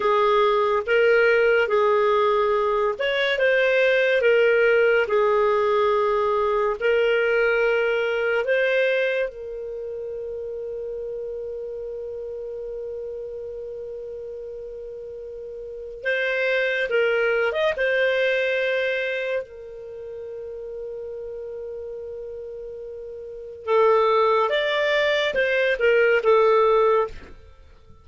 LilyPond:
\new Staff \with { instrumentName = "clarinet" } { \time 4/4 \tempo 4 = 71 gis'4 ais'4 gis'4. cis''8 | c''4 ais'4 gis'2 | ais'2 c''4 ais'4~ | ais'1~ |
ais'2. c''4 | ais'8. dis''16 c''2 ais'4~ | ais'1 | a'4 d''4 c''8 ais'8 a'4 | }